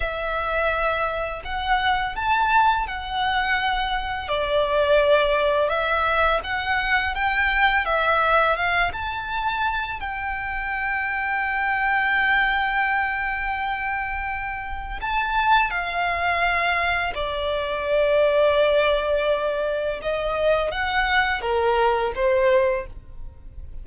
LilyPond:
\new Staff \with { instrumentName = "violin" } { \time 4/4 \tempo 4 = 84 e''2 fis''4 a''4 | fis''2 d''2 | e''4 fis''4 g''4 e''4 | f''8 a''4. g''2~ |
g''1~ | g''4 a''4 f''2 | d''1 | dis''4 fis''4 ais'4 c''4 | }